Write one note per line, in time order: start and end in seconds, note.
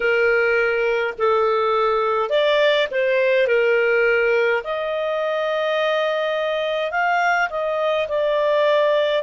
0.00 1.13 A#4
1.18 2.29 A4
2.29 2.87 D5
2.91 3.47 C5
3.47 4.62 A#4
4.64 6.91 D#5
6.91 7.48 F5
7.49 8.07 D#5
8.08 9.23 D5